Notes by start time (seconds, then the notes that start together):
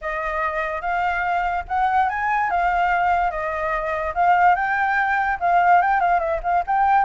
0.01 D#5
0.81 F5
1.68 F#5
2.09 G#5
2.50 F5
3.30 D#5
4.14 F5
4.55 G5
5.40 F5
5.81 G5
6.00 F5
6.19 E5
6.43 F5
6.66 G5